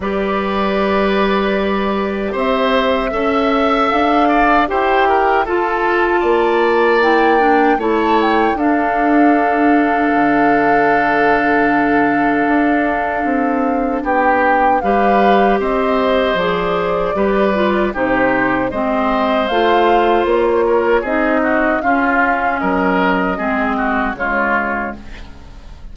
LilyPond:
<<
  \new Staff \with { instrumentName = "flute" } { \time 4/4 \tempo 4 = 77 d''2. e''4~ | e''4 f''4 g''4 a''4~ | a''4 g''4 a''8 g''8 f''4~ | f''1~ |
f''2 g''4 f''4 | dis''4 d''2 c''4 | dis''4 f''4 cis''4 dis''4 | f''4 dis''2 cis''4 | }
  \new Staff \with { instrumentName = "oboe" } { \time 4/4 b'2. c''4 | e''4. d''8 c''8 ais'8 a'4 | d''2 cis''4 a'4~ | a'1~ |
a'2 g'4 b'4 | c''2 b'4 g'4 | c''2~ c''8 ais'8 gis'8 fis'8 | f'4 ais'4 gis'8 fis'8 f'4 | }
  \new Staff \with { instrumentName = "clarinet" } { \time 4/4 g'1 | a'2 g'4 f'4~ | f'4 e'8 d'8 e'4 d'4~ | d'1~ |
d'2. g'4~ | g'4 gis'4 g'8 f'8 dis'4 | c'4 f'2 dis'4 | cis'2 c'4 gis4 | }
  \new Staff \with { instrumentName = "bassoon" } { \time 4/4 g2. c'4 | cis'4 d'4 e'4 f'4 | ais2 a4 d'4~ | d'4 d2. |
d'4 c'4 b4 g4 | c'4 f4 g4 c4 | gis4 a4 ais4 c'4 | cis'4 fis4 gis4 cis4 | }
>>